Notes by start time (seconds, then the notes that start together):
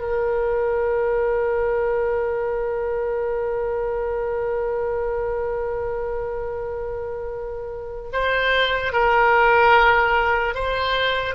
0.00 A#4
8.13 C5
8.93 A#4
10.55 C5